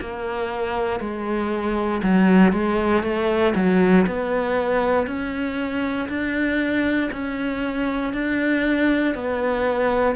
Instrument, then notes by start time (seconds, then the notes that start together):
cello
0.00 A#3
1.00 G#3
2.02 F#3
2.52 G#3
3.03 A3
3.55 F#3
4.06 B3
5.07 C#4
6.08 D4
7.12 C#4
8.13 D4
9.14 B3